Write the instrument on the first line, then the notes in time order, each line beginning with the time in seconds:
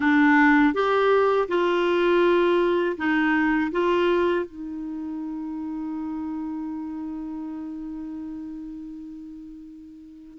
clarinet
0.00 D4
0.73 G4
1.48 F4
2.97 D#4
3.71 F4
4.45 D#4